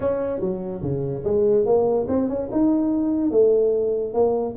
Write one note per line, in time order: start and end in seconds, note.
0.00 0.40 C#4
0.40 0.82 F#3
0.82 1.23 C#3
1.24 1.65 G#3
1.65 2.07 A#3
2.08 2.28 C4
2.28 2.49 C#4
2.51 3.30 D#4
3.30 4.13 A3
4.13 4.55 A#3